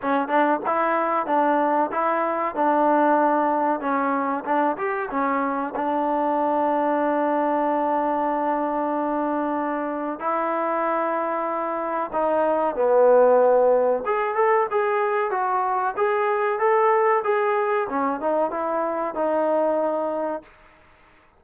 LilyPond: \new Staff \with { instrumentName = "trombone" } { \time 4/4 \tempo 4 = 94 cis'8 d'8 e'4 d'4 e'4 | d'2 cis'4 d'8 g'8 | cis'4 d'2.~ | d'1 |
e'2. dis'4 | b2 gis'8 a'8 gis'4 | fis'4 gis'4 a'4 gis'4 | cis'8 dis'8 e'4 dis'2 | }